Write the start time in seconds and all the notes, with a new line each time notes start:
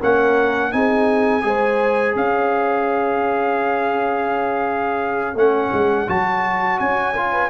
0.00 A#3 C#4 A#4 F#5
0.72 C4 D#4 G#4 G#5
1.42 G#3 G#4 C5
2.15 C#4 C#5 F5
5.35 A3 C#4 F#5
5.72 G#3
6.07 F#3 F#4 A5
6.79 C#4 G#5
7.16 F4
7.32 B4